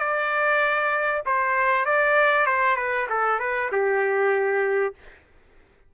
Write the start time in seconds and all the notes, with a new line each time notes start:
0.00 D5
1.26 C5
1.86 D5
2.47 C5
2.77 B4
3.10 A4
3.40 B4
3.72 G4